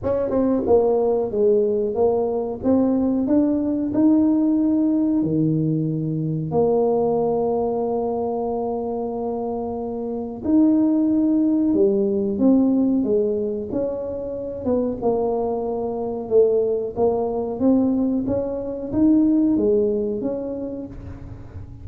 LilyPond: \new Staff \with { instrumentName = "tuba" } { \time 4/4 \tempo 4 = 92 cis'8 c'8 ais4 gis4 ais4 | c'4 d'4 dis'2 | dis2 ais2~ | ais1 |
dis'2 g4 c'4 | gis4 cis'4. b8 ais4~ | ais4 a4 ais4 c'4 | cis'4 dis'4 gis4 cis'4 | }